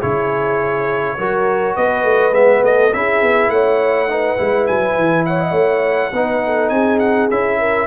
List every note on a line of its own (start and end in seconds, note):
0.00 1.18 C#3
0.00 1.18 E4
0.00 1.17 G#4
0.00 1.76 C#5
1.18 1.76 F#3
1.18 2.33 F#4
1.18 1.76 A#4
1.76 2.04 B3
1.76 2.63 B4
1.76 2.34 D#5
2.04 2.32 A3
2.32 2.61 G#3
2.32 2.91 B3
2.32 2.63 E5
2.63 2.93 A3
2.63 2.95 A4
2.63 2.93 D#5
2.93 3.22 C#4
2.93 4.09 E4
2.93 3.52 G#4
2.93 3.50 E5
3.22 3.49 B3
3.49 4.36 A3
3.49 4.10 C#5
3.49 4.67 F#5
4.09 4.37 D#4
4.09 5.27 B4
4.37 4.69 G#3
4.37 6.12 E4
4.67 4.97 F#3
4.67 5.25 G#5
4.97 5.52 E3
5.26 5.40 C#5
5.26 6.69 F#5
5.40 5.52 D#5
5.52 6.10 A3
5.52 6.10 C#5
6.13 6.71 B3
6.13 7.31 D#4
6.13 6.45 B4
6.46 6.72 A4
6.69 7.29 C4
6.69 7.59 G#4
6.69 6.99 G#5
6.99 7.29 F#5
7.30 7.87 C#4
7.30 7.87 E4
7.30 7.87 E5
7.59 7.87 A#4